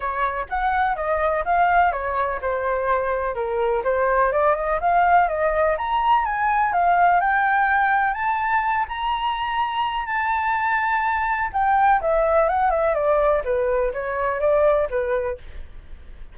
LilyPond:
\new Staff \with { instrumentName = "flute" } { \time 4/4 \tempo 4 = 125 cis''4 fis''4 dis''4 f''4 | cis''4 c''2 ais'4 | c''4 d''8 dis''8 f''4 dis''4 | ais''4 gis''4 f''4 g''4~ |
g''4 a''4. ais''4.~ | ais''4 a''2. | g''4 e''4 fis''8 e''8 d''4 | b'4 cis''4 d''4 b'4 | }